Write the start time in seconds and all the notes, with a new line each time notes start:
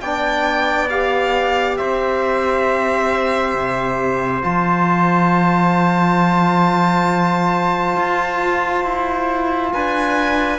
0.00 B3 D4 D5 G5
0.89 G4 F5
1.77 C4 C5 E5
3.54 C3
4.41 F3 F4 A5
7.96 F4
8.84 E4
9.73 D4 B4 G#5